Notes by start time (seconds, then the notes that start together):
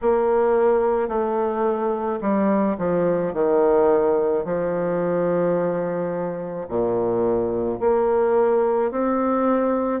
0.01 A#3
1.08 A3
2.21 G3
2.78 F3
3.33 D#3
4.44 F3
6.68 A#2
7.80 A#3
8.91 C4